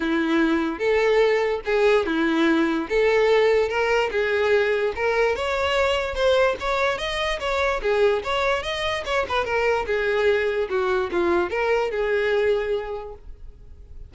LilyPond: \new Staff \with { instrumentName = "violin" } { \time 4/4 \tempo 4 = 146 e'2 a'2 | gis'4 e'2 a'4~ | a'4 ais'4 gis'2 | ais'4 cis''2 c''4 |
cis''4 dis''4 cis''4 gis'4 | cis''4 dis''4 cis''8 b'8 ais'4 | gis'2 fis'4 f'4 | ais'4 gis'2. | }